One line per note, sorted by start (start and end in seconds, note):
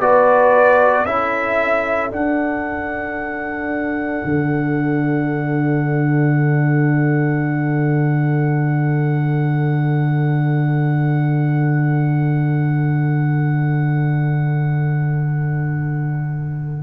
0.00 1.05 B3
0.00 1.07 F#4
0.00 1.07 B4
0.00 1.06 D5
1.06 2.11 C#4
1.06 2.12 E4
1.06 16.84 A4
1.06 2.11 E5
2.12 4.22 D4
2.12 16.84 D4
2.12 16.84 F#5
4.25 16.84 D3